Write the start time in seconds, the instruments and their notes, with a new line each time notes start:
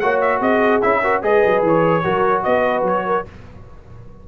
0.00 tuba A#3, trombone F#4, horn C#5, trumpet F#5
0.21 trumpet E5
0.40 tuba C4, horn G#4, trumpet D#5
0.82 tuba C#4, trombone E4, trumpet E5
1.03 trombone F#4, horn A#4
1.23 tuba G#3, trombone G#4, horn B4, trumpet D#5
1.46 tuba F#3
1.63 tuba E3, trumpet C#5
2.04 tuba F#3, trombone F#4, horn A#4
2.44 tuba B3, horn B4, trumpet D#5
2.83 tuba F#3, trumpet C#5
3.06 horn A#4